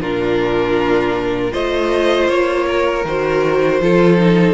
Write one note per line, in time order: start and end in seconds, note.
0.00 1.52 A#2
0.00 1.51 D4
0.00 1.51 F4
0.00 1.53 A#4
1.51 2.29 A3
1.51 3.03 F4
1.51 2.65 C5
1.51 2.29 D#5
2.29 3.04 A#3
2.29 3.05 C#5
2.66 3.80 A#4
3.04 3.80 D#3
3.04 3.82 F#4
3.04 4.53 C5
3.80 4.53 F3
3.80 4.17 F4
3.80 4.53 A4
4.17 4.53 D#4